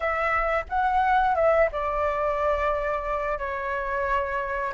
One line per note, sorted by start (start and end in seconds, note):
0.00 0.64 E5
0.69 1.35 F#5
1.35 1.69 E5
1.72 3.38 D5
3.38 4.73 C#5